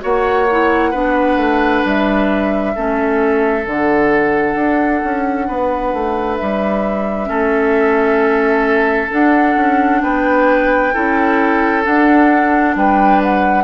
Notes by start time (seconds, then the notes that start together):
0.00 A#3 F#4 C#5 F#5
0.51 E4
0.90 B3 D4 B4
1.36 A3
1.84 G3 E5
2.75 A3 C#4 A4
3.62 D3 D4 F#5
4.55 D4
5.04 C#4
5.47 B3 B4
5.93 A3
6.37 G3 E5
7.25 A3 C#4 A4
9.10 D4 F#5
9.56 C#4
10.01 B3 B4 G5
10.93 C#4 E4 A4
11.83 D4 F#5
12.75 G3 B4 G5
13.23 F#5